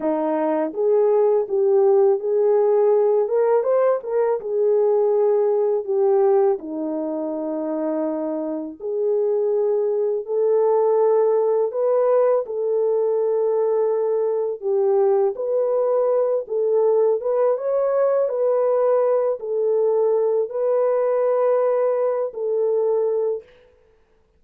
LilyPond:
\new Staff \with { instrumentName = "horn" } { \time 4/4 \tempo 4 = 82 dis'4 gis'4 g'4 gis'4~ | gis'8 ais'8 c''8 ais'8 gis'2 | g'4 dis'2. | gis'2 a'2 |
b'4 a'2. | g'4 b'4. a'4 b'8 | cis''4 b'4. a'4. | b'2~ b'8 a'4. | }